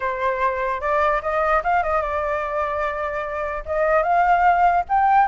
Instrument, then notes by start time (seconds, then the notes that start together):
flute
0.00 C5
0.80 D5
1.22 D#5
1.63 F5
1.83 D#5
2.01 D5
3.65 D#5
4.02 F5
4.88 G5